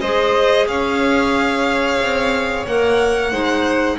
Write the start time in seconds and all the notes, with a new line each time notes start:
0.00 G#3 G#4 C5 D#5
0.68 C#4 C#5 F5
2.00 C4
2.66 A#3 A#4 F#5
3.31 G#3 D#4 C5